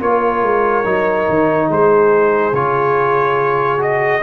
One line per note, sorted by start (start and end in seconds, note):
0.00 0.42 A#3
0.00 0.84 F4
0.00 1.68 A#4
0.00 1.71 C#5
0.42 0.85 G#3
0.84 1.28 F#3
0.84 2.53 D#4
1.29 1.70 D#3
1.68 2.52 G#3
1.68 4.21 G#4
1.68 2.55 C5
2.52 4.21 C#3
2.52 3.78 F4
2.52 3.82 C#5
3.78 4.20 F#4
3.78 4.23 D#5